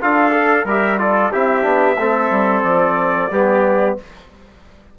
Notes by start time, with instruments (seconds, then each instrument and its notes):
0.00 bassoon D4, trombone F4, trumpet A4 F5
0.30 trombone A4
0.64 bassoon G3, trombone G4, trumpet A#4 E5
0.98 trombone F4, trumpet A4 D5
1.32 bassoon C4, trombone E4, trumpet G4 E5
1.61 bassoon B3, trombone D4
1.96 bassoon A3, trombone C4, trumpet A4
2.30 bassoon G3
2.63 bassoon F3, trumpet D5
3.30 bassoon G3, trombone B3, trumpet G4